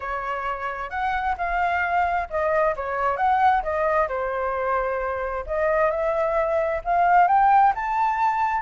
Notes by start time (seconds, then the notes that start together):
0.00 C#5
0.90 F#5
1.37 F5
2.30 D#5
2.75 C#5
3.17 F#5
3.62 D#5
4.08 C5
5.46 D#5
5.90 E5
6.84 F5
7.27 G5
7.75 A5